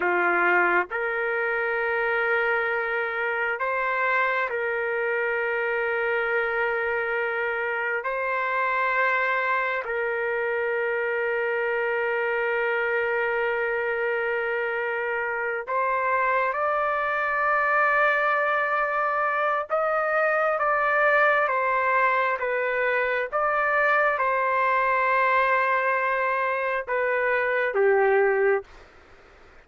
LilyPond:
\new Staff \with { instrumentName = "trumpet" } { \time 4/4 \tempo 4 = 67 f'4 ais'2. | c''4 ais'2.~ | ais'4 c''2 ais'4~ | ais'1~ |
ais'4. c''4 d''4.~ | d''2 dis''4 d''4 | c''4 b'4 d''4 c''4~ | c''2 b'4 g'4 | }